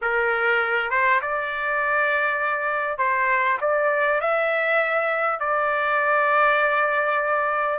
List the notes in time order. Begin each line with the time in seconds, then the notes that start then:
0.01 A#4
0.90 C5
1.21 D5
2.98 C5
3.60 D5
4.20 E5
5.39 D5